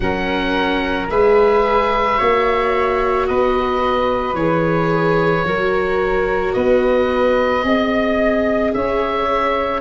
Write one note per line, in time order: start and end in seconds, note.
0.00 1.07 F#3
0.00 1.09 C#4
0.00 1.10 A#4
0.00 1.06 F#5
1.09 2.18 G#3
1.09 2.17 G#4
1.09 2.17 B4
1.09 3.27 E5
2.17 3.29 A#3
2.17 4.35 F#4
2.17 3.27 C#5
3.27 4.33 B3
3.27 5.46 B4
3.27 4.35 D#5
4.33 5.42 E3
4.33 5.44 G#4
4.33 6.53 C#5
5.44 6.54 F#3
5.44 7.62 F#4
5.44 6.54 A#4
6.53 7.63 B3
6.53 7.63 B4
6.53 8.71 D#5
7.63 8.72 C4
7.63 9.80 G#4
7.63 8.73 D#5
8.73 9.80 C#4
8.73 9.80 C#5
8.73 9.80 E5